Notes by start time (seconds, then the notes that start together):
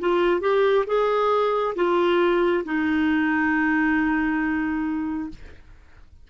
0.00 F4
0.41 G4
0.87 G#4
1.76 F4
2.65 D#4